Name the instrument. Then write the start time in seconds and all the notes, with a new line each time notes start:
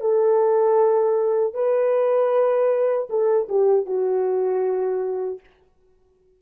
horn
0.00 A4
1.53 B4
3.09 A4
3.49 G4
3.86 F#4